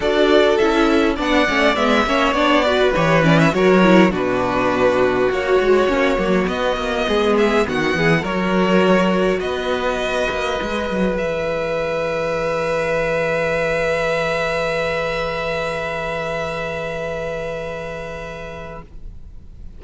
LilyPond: <<
  \new Staff \with { instrumentName = "violin" } { \time 4/4 \tempo 4 = 102 d''4 e''4 fis''4 e''4 | d''4 cis''8 d''16 e''16 cis''4 b'4~ | b'4 cis''2 dis''4~ | dis''8 e''8 fis''4 cis''2 |
dis''2. e''4~ | e''1~ | e''1~ | e''1 | }
  \new Staff \with { instrumentName = "violin" } { \time 4/4 a'2 d''4. cis''8~ | cis''8 b'4. ais'4 fis'4~ | fis'1 | gis'4 fis'8 gis'8 ais'2 |
b'1~ | b'1~ | b'1~ | b'1 | }
  \new Staff \with { instrumentName = "viola" } { \time 4/4 fis'4 e'4 d'8 cis'8 b8 cis'8 | d'8 fis'8 g'8 cis'8 fis'8 e'8 d'4~ | d'4 fis'4 cis'8 ais8 b4~ | b2 fis'2~ |
fis'2 gis'2~ | gis'1~ | gis'1~ | gis'1 | }
  \new Staff \with { instrumentName = "cello" } { \time 4/4 d'4 cis'4 b8 a8 gis8 ais8 | b4 e4 fis4 b,4~ | b,4 ais8 gis8 ais8 fis8 b8 ais8 | gis4 dis8 e8 fis2 |
b4. ais8 gis8 fis8 e4~ | e1~ | e1~ | e1 | }
>>